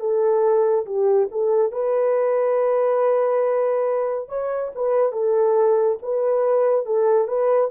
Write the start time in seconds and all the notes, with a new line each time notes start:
0.00 A4
0.86 G4
1.32 A4
1.72 B4
4.29 C#5
4.75 B4
5.13 A4
6.03 B4
6.86 A4
7.28 B4